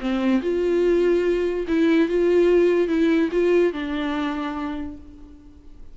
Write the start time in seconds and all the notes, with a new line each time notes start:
0.00 C4
0.42 F4
1.68 E4
2.08 F4
2.88 E4
3.32 F4
3.73 D4